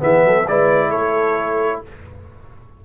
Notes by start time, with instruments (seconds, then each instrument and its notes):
0.00 tuba E3, trombone B3, horn G#4, trumpet E5
0.25 tuba F#3, horn A4
0.48 tuba G#3, trombone E4, horn B4, trumpet D5
0.90 tuba A3, horn A4, trumpet C#5